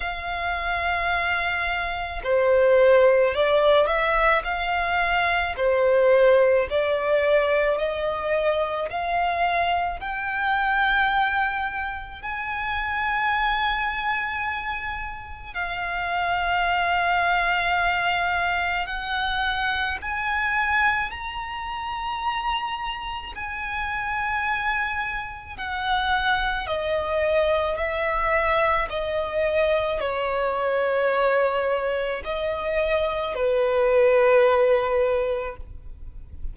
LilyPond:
\new Staff \with { instrumentName = "violin" } { \time 4/4 \tempo 4 = 54 f''2 c''4 d''8 e''8 | f''4 c''4 d''4 dis''4 | f''4 g''2 gis''4~ | gis''2 f''2~ |
f''4 fis''4 gis''4 ais''4~ | ais''4 gis''2 fis''4 | dis''4 e''4 dis''4 cis''4~ | cis''4 dis''4 b'2 | }